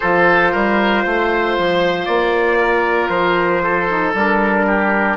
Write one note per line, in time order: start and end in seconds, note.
0.00 0.53 F3
0.00 3.88 F4
0.00 0.52 A4
0.00 2.05 C5
0.52 1.05 G3
0.52 1.03 A#4
1.03 1.57 A3
1.03 2.58 C5
1.58 2.07 F3
2.05 3.08 A#3
2.05 3.08 D5
2.59 3.62 A#4
3.08 4.12 F3
3.08 4.13 C5
3.62 4.66 A4
3.88 4.14 D#4
4.14 5.16 G3
4.14 5.16 D4
4.14 5.16 A#4
4.66 5.16 G4